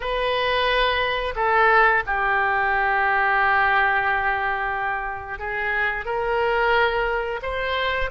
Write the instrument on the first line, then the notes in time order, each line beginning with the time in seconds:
oboe
0.00 B4
1.35 A4
2.06 G4
5.38 G#4
6.05 A#4
7.42 C5